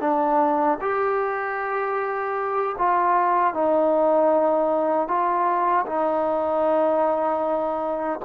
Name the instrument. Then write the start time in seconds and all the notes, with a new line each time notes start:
trombone
0.00 D4
0.81 G4
2.78 F4
3.53 D#4
5.08 F4
5.86 D#4